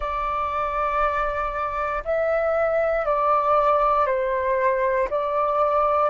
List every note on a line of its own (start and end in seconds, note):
0.00 2.03 D5
2.04 3.05 E5
3.05 4.06 D5
4.06 5.08 C5
5.09 6.10 D5